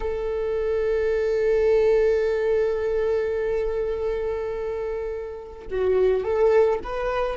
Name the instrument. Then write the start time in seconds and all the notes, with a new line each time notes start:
viola
0.00 A4
5.70 F#4
6.24 A4
6.83 B4